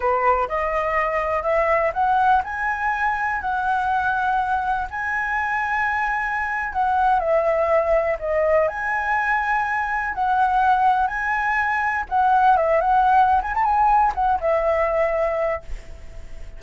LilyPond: \new Staff \with { instrumentName = "flute" } { \time 4/4 \tempo 4 = 123 b'4 dis''2 e''4 | fis''4 gis''2 fis''4~ | fis''2 gis''2~ | gis''4.~ gis''16 fis''4 e''4~ e''16~ |
e''8. dis''4 gis''2~ gis''16~ | gis''8. fis''2 gis''4~ gis''16~ | gis''8. fis''4 e''8 fis''4~ fis''16 gis''16 a''16 | gis''4 fis''8 e''2~ e''8 | }